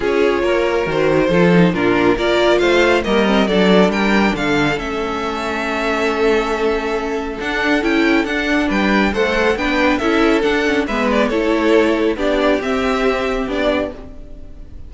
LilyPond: <<
  \new Staff \with { instrumentName = "violin" } { \time 4/4 \tempo 4 = 138 cis''2 c''2 | ais'4 d''4 f''4 dis''4 | d''4 g''4 f''4 e''4~ | e''1~ |
e''4 fis''4 g''4 fis''4 | g''4 fis''4 g''4 e''4 | fis''4 e''8 d''8 cis''2 | d''4 e''2 d''4 | }
  \new Staff \with { instrumentName = "violin" } { \time 4/4 gis'4 ais'2 a'4 | f'4 ais'4 c''4 ais'4 | a'4 ais'4 a'2~ | a'1~ |
a'1 | b'4 c''4 b'4 a'4~ | a'4 b'4 a'2 | g'1 | }
  \new Staff \with { instrumentName = "viola" } { \time 4/4 f'2 fis'4 f'8 dis'8 | d'4 f'2 ais8 c'8 | d'2. cis'4~ | cis'1~ |
cis'4 d'4 e'4 d'4~ | d'4 a'4 d'4 e'4 | d'8 cis'8 b4 e'2 | d'4 c'2 d'4 | }
  \new Staff \with { instrumentName = "cello" } { \time 4/4 cis'4 ais4 dis4 f4 | ais,4 ais4 a4 g4 | fis4 g4 d4 a4~ | a1~ |
a4 d'4 cis'4 d'4 | g4 a4 b4 cis'4 | d'4 gis4 a2 | b4 c'2 b4 | }
>>